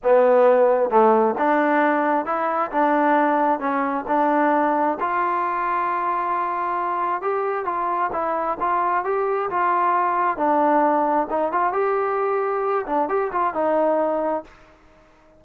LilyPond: \new Staff \with { instrumentName = "trombone" } { \time 4/4 \tempo 4 = 133 b2 a4 d'4~ | d'4 e'4 d'2 | cis'4 d'2 f'4~ | f'1 |
g'4 f'4 e'4 f'4 | g'4 f'2 d'4~ | d'4 dis'8 f'8 g'2~ | g'8 d'8 g'8 f'8 dis'2 | }